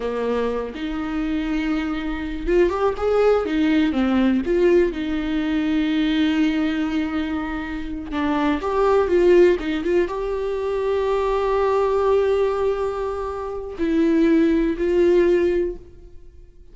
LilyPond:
\new Staff \with { instrumentName = "viola" } { \time 4/4 \tempo 4 = 122 ais4. dis'2~ dis'8~ | dis'4 f'8 g'8 gis'4 dis'4 | c'4 f'4 dis'2~ | dis'1~ |
dis'8 d'4 g'4 f'4 dis'8 | f'8 g'2.~ g'8~ | g'1 | e'2 f'2 | }